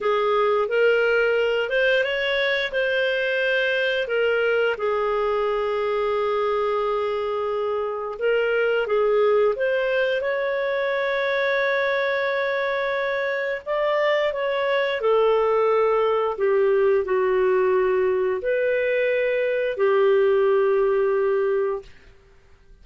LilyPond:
\new Staff \with { instrumentName = "clarinet" } { \time 4/4 \tempo 4 = 88 gis'4 ais'4. c''8 cis''4 | c''2 ais'4 gis'4~ | gis'1 | ais'4 gis'4 c''4 cis''4~ |
cis''1 | d''4 cis''4 a'2 | g'4 fis'2 b'4~ | b'4 g'2. | }